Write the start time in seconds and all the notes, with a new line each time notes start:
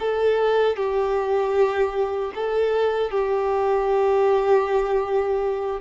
0.00 A4
0.77 G4
2.35 A4
3.11 G4